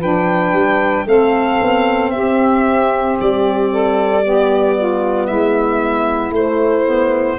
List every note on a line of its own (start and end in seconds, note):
0.00 0.53 F3
0.00 1.06 D4
0.00 1.05 B4
0.00 1.08 G5
0.53 1.05 G3
1.06 1.59 A3
1.06 4.22 C4
1.06 2.12 A4
1.06 2.11 F5
1.61 2.13 B3
2.11 3.19 C4
2.11 3.72 G4
2.11 3.16 E5
3.20 5.31 G3
3.20 5.27 D5
3.72 4.24 A4
4.22 6.33 B3
4.22 4.77 G4
4.77 5.27 F4
5.27 6.31 G#3
5.27 7.38 E4
5.27 6.32 E5
6.31 7.36 A3
6.31 6.86 A3
6.31 7.39 C5
6.86 7.38 B3